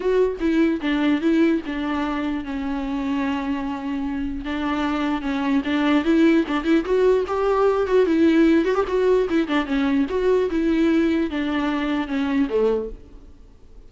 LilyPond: \new Staff \with { instrumentName = "viola" } { \time 4/4 \tempo 4 = 149 fis'4 e'4 d'4 e'4 | d'2 cis'2~ | cis'2. d'4~ | d'4 cis'4 d'4 e'4 |
d'8 e'8 fis'4 g'4. fis'8 | e'4. fis'16 g'16 fis'4 e'8 d'8 | cis'4 fis'4 e'2 | d'2 cis'4 a4 | }